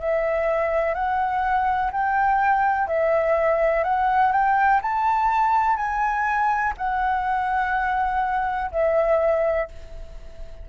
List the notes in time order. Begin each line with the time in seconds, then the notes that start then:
0.00 E5
0.95 F#5
1.92 G5
2.88 E5
3.84 F#5
4.32 G5
4.82 A5
5.77 G#5
6.78 F#5
8.72 E5